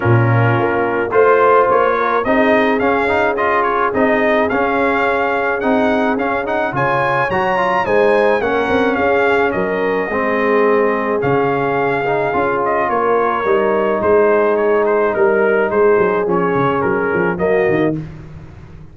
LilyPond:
<<
  \new Staff \with { instrumentName = "trumpet" } { \time 4/4 \tempo 4 = 107 ais'2 c''4 cis''4 | dis''4 f''4 dis''8 cis''8 dis''4 | f''2 fis''4 f''8 fis''8 | gis''4 ais''4 gis''4 fis''4 |
f''4 dis''2. | f''2~ f''8 dis''8 cis''4~ | cis''4 c''4 cis''8 c''8 ais'4 | c''4 cis''4 ais'4 dis''4 | }
  \new Staff \with { instrumentName = "horn" } { \time 4/4 f'2 c''4. ais'8 | gis'1~ | gis'1 | cis''2 c''4 ais'4 |
gis'4 ais'4 gis'2~ | gis'2. ais'4~ | ais'4 gis'2 ais'4 | gis'2. fis'4 | }
  \new Staff \with { instrumentName = "trombone" } { \time 4/4 cis'2 f'2 | dis'4 cis'8 dis'8 f'4 dis'4 | cis'2 dis'4 cis'8 dis'8 | f'4 fis'8 f'8 dis'4 cis'4~ |
cis'2 c'2 | cis'4. dis'8 f'2 | dis'1~ | dis'4 cis'2 ais4 | }
  \new Staff \with { instrumentName = "tuba" } { \time 4/4 ais,4 ais4 a4 ais4 | c'4 cis'2 c'4 | cis'2 c'4 cis'4 | cis4 fis4 gis4 ais8 c'8 |
cis'4 fis4 gis2 | cis2 cis'4 ais4 | g4 gis2 g4 | gis8 fis8 f8 cis8 fis8 f8 fis8 dis8 | }
>>